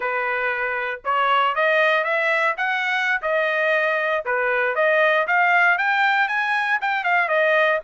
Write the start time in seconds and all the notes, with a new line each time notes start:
0.00 B4
1.04 C#5
1.55 D#5
2.04 E5
2.57 F#5
3.22 D#5
4.25 B4
4.75 D#5
5.27 F5
5.78 G5
6.28 G#5
6.81 G5
7.03 F5
7.28 D#5